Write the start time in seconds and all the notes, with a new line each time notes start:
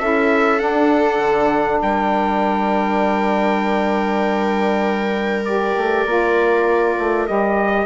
0.00 C#4 E4 A4 E5
0.58 D4 F#5
1.19 D3
1.82 G3 A#4 G5
5.45 G4 D5
5.77 A3
6.06 A#3 F4
6.99 A3
7.27 G3 G4 D#5